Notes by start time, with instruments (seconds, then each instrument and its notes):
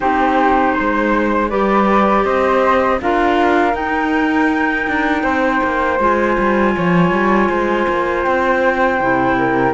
0.00 cello C4, clarinet D#4, flute G4 C5
0.73 flute C5
0.80 cello G#3
1.49 cello G3, clarinet G4, flute B4 D5
2.24 cello C4, flute C5 D#5
3.01 cello D4, clarinet F4, flute A#4 F5
3.72 clarinet D#4, cello D#4, flute G5
4.87 cello D4
5.22 cello C4, flute C5
5.63 cello A#3
5.99 cello G#3, clarinet F4, flute G#5
6.38 cello G3
6.76 cello F3, flute C#5
7.11 cello G3
7.48 cello G#3, flute C5
7.88 cello A#3
8.23 cello C4, flute G5
9.00 cello C3, clarinet E4
9.38 flute A#4